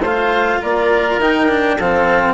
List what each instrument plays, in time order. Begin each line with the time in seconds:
0.00 bassoon A3, cello F4, oboe C5, clarinet F5
0.61 bassoon A#3, oboe A#4, clarinet D5
1.18 bassoon D#3, cello D#4, clarinet G5
1.48 cello D4
1.78 bassoon F3, cello C4, oboe A4, clarinet F5